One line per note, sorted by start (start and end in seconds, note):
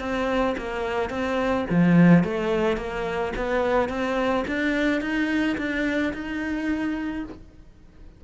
0.00 0.56 C4
0.58 1.10 A#3
1.10 1.65 C4
1.70 2.24 F3
2.24 2.77 A3
2.77 3.33 A#3
3.36 3.89 B3
3.89 4.45 C4
4.47 5.01 D4
5.01 5.57 D#4
5.58 6.13 D4
6.13 7.24 D#4